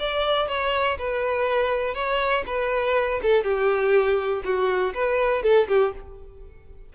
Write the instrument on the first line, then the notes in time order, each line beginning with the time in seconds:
violin
0.00 D5
0.48 C#5
0.99 B4
1.95 C#5
2.47 B4
3.23 A4
3.44 G4
4.45 F#4
4.95 B4
5.43 A4
5.69 G4